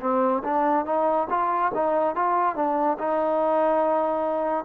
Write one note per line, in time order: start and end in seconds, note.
0.00 0.42 C4
0.44 0.85 D4
0.85 1.28 D#4
1.29 1.72 F4
1.74 2.15 D#4
2.15 2.55 F4
2.55 2.97 D4
2.98 4.64 D#4